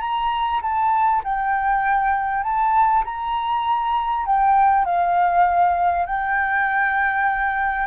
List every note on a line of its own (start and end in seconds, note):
0.00 0.61 A#5
0.61 1.22 A5
1.23 2.43 G5
2.43 3.04 A5
3.04 4.26 A#5
4.26 4.85 G5
4.85 6.06 F5
6.06 7.87 G5